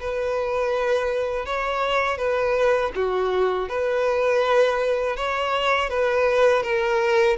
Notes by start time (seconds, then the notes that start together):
0.00 B4
1.46 C#5
2.18 B4
2.95 F#4
3.69 B4
5.16 C#5
5.90 B4
6.63 A#4